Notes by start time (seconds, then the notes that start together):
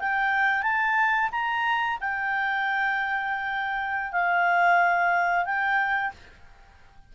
0.00 G5
0.63 A5
1.32 A#5
2.01 G5
4.12 F5
5.46 G5